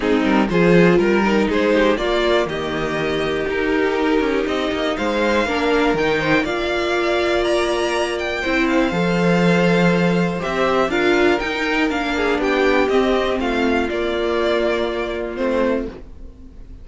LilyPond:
<<
  \new Staff \with { instrumentName = "violin" } { \time 4/4 \tempo 4 = 121 gis'8 ais'8 c''4 ais'4 c''4 | d''4 dis''2 ais'4~ | ais'4 dis''4 f''2 | g''4 f''2 ais''4~ |
ais''8 g''4 f''2~ f''8~ | f''4 e''4 f''4 g''4 | f''4 g''4 dis''4 f''4 | d''2. c''4 | }
  \new Staff \with { instrumentName = "violin" } { \time 4/4 dis'4 gis'4 ais'4 gis'8 g'8 | f'4 g'2.~ | g'2 c''4 ais'4~ | ais'8 c''8 d''2.~ |
d''4 c''2.~ | c''2 ais'2~ | ais'8 gis'8 g'2 f'4~ | f'1 | }
  \new Staff \with { instrumentName = "viola" } { \time 4/4 c'4 f'4. dis'4. | ais2. dis'4~ | dis'2. d'4 | dis'4 f'2.~ |
f'4 e'4 a'2~ | a'4 g'4 f'4 dis'4 | d'2 c'2 | ais2. c'4 | }
  \new Staff \with { instrumentName = "cello" } { \time 4/4 gis8 g8 f4 g4 gis4 | ais4 dis2 dis'4~ | dis'8 cis'8 c'8 ais8 gis4 ais4 | dis4 ais2.~ |
ais4 c'4 f2~ | f4 c'4 d'4 dis'4 | ais4 b4 c'4 a4 | ais2. a4 | }
>>